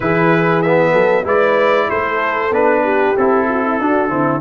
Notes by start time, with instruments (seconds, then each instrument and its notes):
0.00 tuba E3, trombone E4, horn G#4, trumpet B4
0.62 trombone B3, trumpet E5
0.91 tuba F#3, horn A4
1.23 tuba G#3, trombone E4, horn B4, trumpet D5
1.89 tuba A3, horn A4, trumpet C5
2.51 tuba B3, trombone D4, trumpet B4
2.83 horn G4
3.17 tuba C4, trombone E4, trumpet A4
3.48 horn F#4
3.64 horn E4
3.80 tuba D4, trombone D4, horn F#4
4.09 tuba D3, trombone C4, horn E4